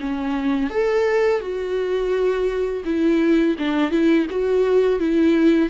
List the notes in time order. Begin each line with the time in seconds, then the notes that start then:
0.00 C#4
0.70 A4
1.40 F#4
2.85 E4
3.58 D4
3.91 E4
4.30 F#4
4.99 E4